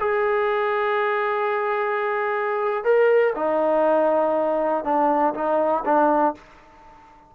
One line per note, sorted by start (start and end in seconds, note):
0.00 2.84 G#4
2.84 3.34 A#4
3.35 4.84 D#4
4.84 5.34 D4
5.34 5.84 D#4
5.85 6.34 D4